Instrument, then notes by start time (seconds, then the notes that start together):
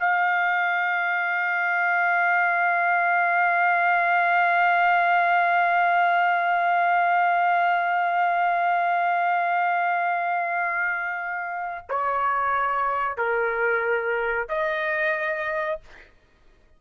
trumpet
0.00 F5
11.90 C#5
13.18 A#4
14.49 D#5